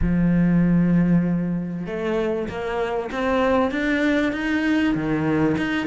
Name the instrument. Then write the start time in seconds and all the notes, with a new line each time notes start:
cello
0.01 F3
1.86 A3
2.48 A#3
3.11 C4
3.71 D4
4.32 D#4
4.94 D#3
5.57 D#4